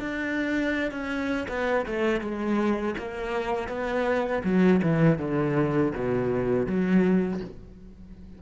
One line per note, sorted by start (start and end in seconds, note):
0.00 0.92 D4
0.92 1.47 C#4
1.49 1.86 B3
1.86 2.21 A3
2.21 2.95 G#3
2.98 3.69 A#3
3.69 4.43 B3
4.44 4.81 F#3
4.83 5.19 E3
5.19 5.93 D3
5.95 6.67 B2
6.67 7.41 F#3